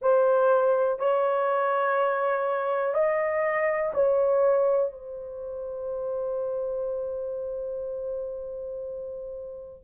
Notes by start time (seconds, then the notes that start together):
0.01 C5
0.99 C#5
2.94 D#5
3.93 C#5
4.92 C5